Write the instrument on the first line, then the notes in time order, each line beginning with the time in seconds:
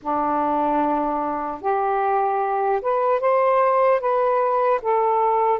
saxophone
0.01 D4
1.61 G4
2.81 B4
3.20 C5
4.00 B4
4.82 A4